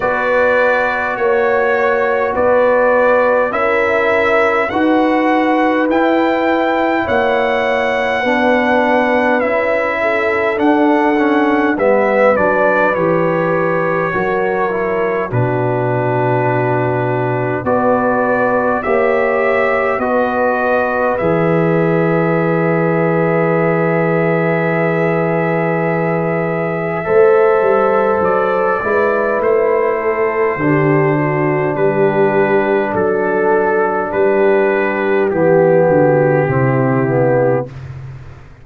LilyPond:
<<
  \new Staff \with { instrumentName = "trumpet" } { \time 4/4 \tempo 4 = 51 d''4 cis''4 d''4 e''4 | fis''4 g''4 fis''2 | e''4 fis''4 e''8 d''8 cis''4~ | cis''4 b'2 d''4 |
e''4 dis''4 e''2~ | e''1 | d''4 c''2 b'4 | a'4 b'4 g'2 | }
  \new Staff \with { instrumentName = "horn" } { \time 4/4 b'4 cis''4 b'4 ais'4 | b'2 cis''4 b'4~ | b'8 a'4. b'2 | ais'4 fis'2 b'4 |
cis''4 b'2.~ | b'2. c''4~ | c''8 b'4 a'8 g'8 fis'8 g'4 | a'4 g'4. fis'8 e'4 | }
  \new Staff \with { instrumentName = "trombone" } { \time 4/4 fis'2. e'4 | fis'4 e'2 d'4 | e'4 d'8 cis'8 b8 d'8 g'4 | fis'8 e'8 d'2 fis'4 |
g'4 fis'4 gis'2~ | gis'2. a'4~ | a'8 e'4. d'2~ | d'2 b4 c'8 b8 | }
  \new Staff \with { instrumentName = "tuba" } { \time 4/4 b4 ais4 b4 cis'4 | dis'4 e'4 ais4 b4 | cis'4 d'4 g8 fis8 e4 | fis4 b,2 b4 |
ais4 b4 e2~ | e2. a8 g8 | fis8 gis8 a4 d4 g4 | fis4 g4 e8 d8 c4 | }
>>